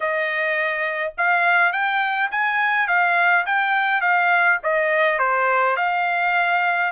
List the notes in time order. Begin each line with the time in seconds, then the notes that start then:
0.00 D#5
1.17 F5
1.72 G5
2.31 G#5
2.87 F5
3.46 G5
4.01 F5
4.63 D#5
5.18 C5
5.76 F5